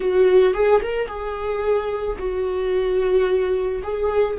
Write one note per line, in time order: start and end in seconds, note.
0.00 0.54 F#4
0.54 0.81 G#4
0.82 1.07 A#4
1.07 2.16 G#4
2.18 3.82 F#4
3.83 4.37 G#4